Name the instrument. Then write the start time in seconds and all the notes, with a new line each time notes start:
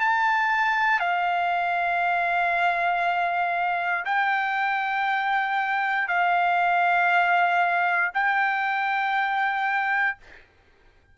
trumpet
0.00 A5
0.99 F5
4.05 G5
6.08 F5
8.14 G5